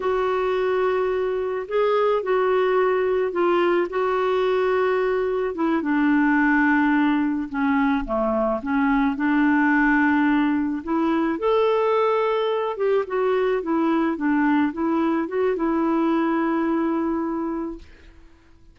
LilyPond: \new Staff \with { instrumentName = "clarinet" } { \time 4/4 \tempo 4 = 108 fis'2. gis'4 | fis'2 f'4 fis'4~ | fis'2 e'8 d'4.~ | d'4. cis'4 a4 cis'8~ |
cis'8 d'2. e'8~ | e'8 a'2~ a'8 g'8 fis'8~ | fis'8 e'4 d'4 e'4 fis'8 | e'1 | }